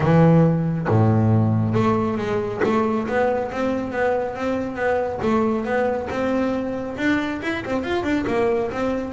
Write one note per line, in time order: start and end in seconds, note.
0.00 0.87 E3
0.88 1.74 A2
1.74 2.17 A3
2.17 2.61 G#3
2.63 3.07 A3
3.07 3.51 B3
3.51 3.92 C4
3.92 4.35 B3
4.35 4.75 C4
4.75 5.19 B3
5.22 5.65 A3
5.65 6.08 B3
6.10 6.97 C4
6.97 7.40 D4
7.42 7.64 E4
7.65 7.83 C4
7.83 8.03 F4
8.03 8.24 D4
8.27 8.70 A#3
8.71 9.12 C4